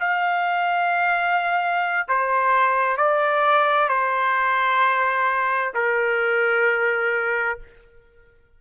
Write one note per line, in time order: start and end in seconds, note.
0.00 2.08 F5
2.09 2.97 C5
2.97 3.89 D5
3.89 5.74 C5
5.74 7.59 A#4